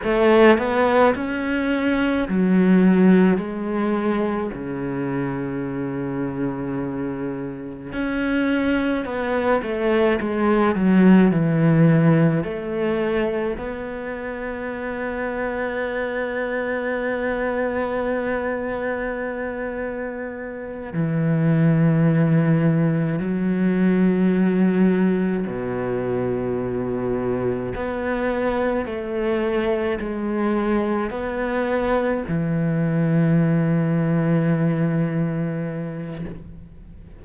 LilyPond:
\new Staff \with { instrumentName = "cello" } { \time 4/4 \tempo 4 = 53 a8 b8 cis'4 fis4 gis4 | cis2. cis'4 | b8 a8 gis8 fis8 e4 a4 | b1~ |
b2~ b8 e4.~ | e8 fis2 b,4.~ | b,8 b4 a4 gis4 b8~ | b8 e2.~ e8 | }